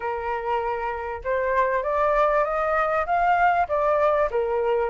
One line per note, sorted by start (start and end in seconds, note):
0.00 1.22 A#4
1.24 1.83 C5
1.83 2.44 D5
2.44 3.05 D#5
3.06 3.67 F5
3.68 4.29 D5
4.30 4.89 A#4